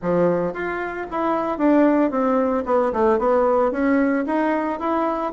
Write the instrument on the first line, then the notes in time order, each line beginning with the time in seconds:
bassoon
0.01 F3
0.53 F4
1.10 E4
1.58 D4
2.10 C4
2.65 B3
2.93 A3
3.19 B3
3.71 C#4
4.26 D#4
4.79 E4